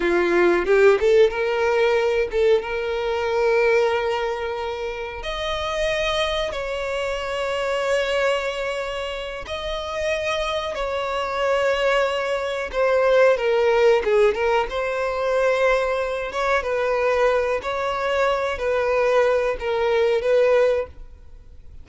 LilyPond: \new Staff \with { instrumentName = "violin" } { \time 4/4 \tempo 4 = 92 f'4 g'8 a'8 ais'4. a'8 | ais'1 | dis''2 cis''2~ | cis''2~ cis''8 dis''4.~ |
dis''8 cis''2. c''8~ | c''8 ais'4 gis'8 ais'8 c''4.~ | c''4 cis''8 b'4. cis''4~ | cis''8 b'4. ais'4 b'4 | }